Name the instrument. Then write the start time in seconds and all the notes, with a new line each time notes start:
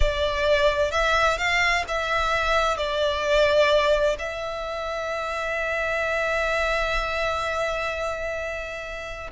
violin
0.00 D5
0.91 E5
1.37 F5
1.88 E5
2.77 D5
4.19 E5